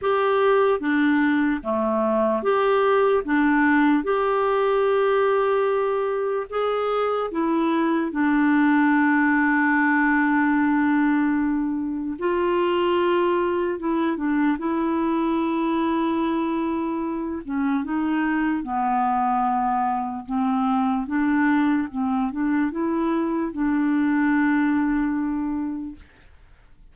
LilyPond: \new Staff \with { instrumentName = "clarinet" } { \time 4/4 \tempo 4 = 74 g'4 d'4 a4 g'4 | d'4 g'2. | gis'4 e'4 d'2~ | d'2. f'4~ |
f'4 e'8 d'8 e'2~ | e'4. cis'8 dis'4 b4~ | b4 c'4 d'4 c'8 d'8 | e'4 d'2. | }